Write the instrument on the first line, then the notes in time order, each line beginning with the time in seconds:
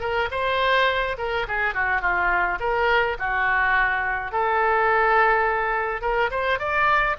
oboe
0.00 A#4
0.31 C5
1.18 A#4
1.48 G#4
1.74 F#4
2.01 F4
2.59 A#4
3.19 F#4
4.31 A4
6.01 A#4
6.30 C5
6.59 D5